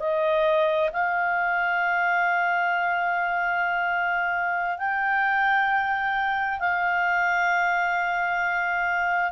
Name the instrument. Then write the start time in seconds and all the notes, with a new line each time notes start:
clarinet
0.00 D#5
0.93 F5
4.78 G5
6.60 F5